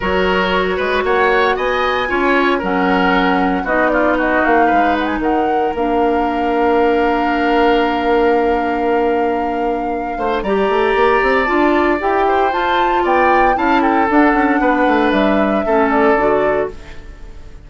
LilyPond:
<<
  \new Staff \with { instrumentName = "flute" } { \time 4/4 \tempo 4 = 115 cis''2 fis''4 gis''4~ | gis''4 fis''2 dis''8 d''8 | dis''8 f''4 fis''16 gis''16 fis''4 f''4~ | f''1~ |
f''1 | ais''2 a''4 g''4 | a''4 g''4 a''8 g''8 fis''4~ | fis''4 e''4. d''4. | }
  \new Staff \with { instrumentName = "oboe" } { \time 4/4 ais'4. b'8 cis''4 dis''4 | cis''4 ais'2 fis'8 f'8 | fis'4 b'4 ais'2~ | ais'1~ |
ais'2.~ ais'8 c''8 | d''2.~ d''8 c''8~ | c''4 d''4 f''8 a'4. | b'2 a'2 | }
  \new Staff \with { instrumentName = "clarinet" } { \time 4/4 fis'1 | f'4 cis'2 dis'4~ | dis'2. d'4~ | d'1~ |
d'1 | g'2 f'4 g'4 | f'2 e'4 d'4~ | d'2 cis'4 fis'4 | }
  \new Staff \with { instrumentName = "bassoon" } { \time 4/4 fis4. gis8 ais4 b4 | cis'4 fis2 b4~ | b8 ais8 gis4 dis4 ais4~ | ais1~ |
ais2.~ ais8 a8 | g8 a8 ais8 c'8 d'4 e'4 | f'4 b4 cis'4 d'8 cis'8 | b8 a8 g4 a4 d4 | }
>>